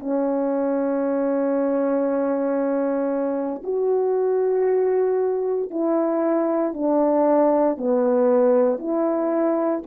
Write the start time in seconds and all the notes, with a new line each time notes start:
0.00 C#4
3.64 F#4
5.70 E4
6.74 D4
7.77 B3
8.79 E4